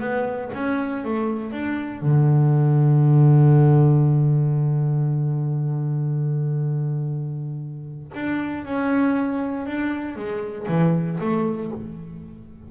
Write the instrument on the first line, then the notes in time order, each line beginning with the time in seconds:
double bass
0.00 B3
0.53 C#4
1.04 A3
1.51 D4
2.02 D3
8.14 D4
8.65 C#4
9.66 D4
10.16 G#3
10.68 E3
11.20 A3